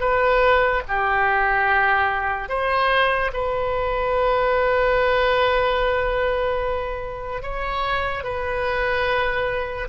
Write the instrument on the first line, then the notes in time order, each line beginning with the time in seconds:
oboe
0.00 B4
0.88 G4
2.49 C5
3.33 B4
7.43 C#5
8.24 B4